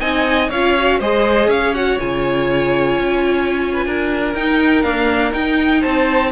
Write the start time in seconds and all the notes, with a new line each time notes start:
0.00 C4 D#4 D#5 G#5
0.50 C#4 F4 C#5 F5
0.79 F#4
0.99 G#3 G#4 C5 D#5
1.47 C#4 C#5 F5
1.74 F#4 F#5
2.00 C#3 F4 G#5
2.99 C#4
3.73 B4
3.86 D4 A#4
4.34 D#4 G5
4.82 A#3 D4 F5
5.32 D#4 G5
5.81 C4 C5 A5